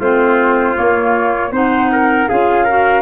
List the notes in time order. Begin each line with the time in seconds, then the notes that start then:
0.00 A3 C4 F4 C5
0.75 A#3 C#5
1.51 C4 D#4 C5 F#5
1.92 A#4
2.29 C#4 F4 G#4 F5
2.65 F#4 A#4